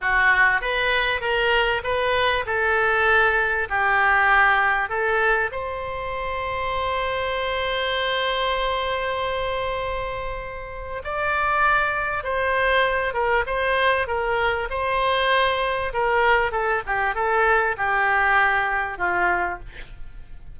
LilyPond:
\new Staff \with { instrumentName = "oboe" } { \time 4/4 \tempo 4 = 98 fis'4 b'4 ais'4 b'4 | a'2 g'2 | a'4 c''2.~ | c''1~ |
c''2 d''2 | c''4. ais'8 c''4 ais'4 | c''2 ais'4 a'8 g'8 | a'4 g'2 f'4 | }